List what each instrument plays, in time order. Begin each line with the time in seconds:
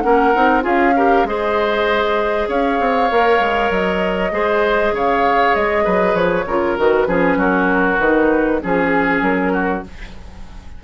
0.00 bassoon A#3, clarinet C#4, oboe A#4, flute F#5
0.34 bassoon C4, clarinet D#4
0.61 bassoon C#4, clarinet F4, oboe G#4, flute F5
0.96 clarinet G4, oboe A#4
1.24 bassoon G#3, clarinet G#4, oboe C5, flute D#5
2.48 bassoon C#4, oboe C#5, flute F5
2.80 bassoon C4
3.11 bassoon A#3, clarinet A#4
3.39 bassoon G#3
3.70 bassoon F#3, flute D#5
4.31 bassoon G#3, clarinet G#4, oboe C5
4.92 bassoon C#3, oboe C#5, flute F5
5.55 bassoon G#3, flute D#5
5.84 bassoon F#3, oboe B4
6.14 bassoon F3, flute C#5
6.46 bassoon C#3, clarinet F4, oboe A#4
6.77 bassoon D#3, clarinet F#4, flute B4
7.07 bassoon F3, clarinet C#4, oboe G#4
7.36 bassoon F#3, oboe F#4, flute A#4
7.99 bassoon D#3, clarinet D#4, flute B4
8.61 bassoon F3, clarinet C#4, flute G#4, oboe G#4
9.21 bassoon F#3, flute A#4
9.53 oboe F#4